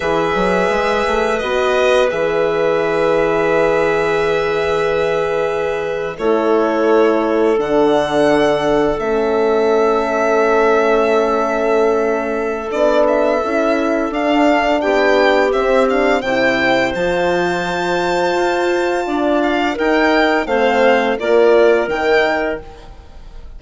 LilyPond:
<<
  \new Staff \with { instrumentName = "violin" } { \time 4/4 \tempo 4 = 85 e''2 dis''4 e''4~ | e''1~ | e''8. cis''2 fis''4~ fis''16~ | fis''8. e''2.~ e''16~ |
e''2 d''8 e''4. | f''4 g''4 e''8 f''8 g''4 | a''2.~ a''8 f''8 | g''4 f''4 d''4 g''4 | }
  \new Staff \with { instrumentName = "clarinet" } { \time 4/4 b'1~ | b'1~ | b'8. a'2.~ a'16~ | a'1~ |
a'1~ | a'4 g'2 c''4~ | c''2. d''4 | ais'4 c''4 ais'2 | }
  \new Staff \with { instrumentName = "horn" } { \time 4/4 gis'2 fis'4 gis'4~ | gis'1~ | gis'8. e'2 d'4~ d'16~ | d'8. cis'2.~ cis'16~ |
cis'2 d'4 e'4 | d'2 c'8 d'8 e'4 | f'1 | dis'4 c'4 f'4 dis'4 | }
  \new Staff \with { instrumentName = "bassoon" } { \time 4/4 e8 fis8 gis8 a8 b4 e4~ | e1~ | e8. a2 d4~ d16~ | d8. a2.~ a16~ |
a2 b4 cis'4 | d'4 b4 c'4 c4 | f2 f'4 d'4 | dis'4 a4 ais4 dis4 | }
>>